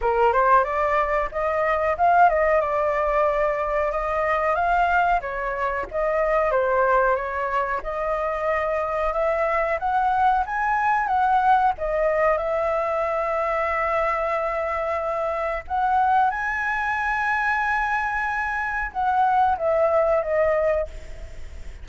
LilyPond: \new Staff \with { instrumentName = "flute" } { \time 4/4 \tempo 4 = 92 ais'8 c''8 d''4 dis''4 f''8 dis''8 | d''2 dis''4 f''4 | cis''4 dis''4 c''4 cis''4 | dis''2 e''4 fis''4 |
gis''4 fis''4 dis''4 e''4~ | e''1 | fis''4 gis''2.~ | gis''4 fis''4 e''4 dis''4 | }